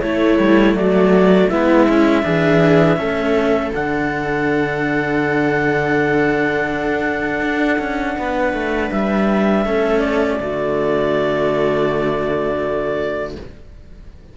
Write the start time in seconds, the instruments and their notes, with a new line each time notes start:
0.00 cello A3, viola E4, clarinet C#5
0.38 cello G3
0.74 cello F#3, viola F#4, clarinet D5
1.49 cello G#3 B3, viola E4, clarinet E5
1.89 cello C#4
2.22 cello E3 D4, viola G#4
2.96 cello A3 C#4, viola A4
3.73 cello D3 D4, clarinet F#5
7.40 cello D4
7.78 cello C#4
8.18 cello B3, viola B4
8.53 cello A3
8.91 cello G3, clarinet E5
9.65 cello A3 C#4, viola A4
9.99 clarinet D5
10.40 cello D3 A3, viola F#4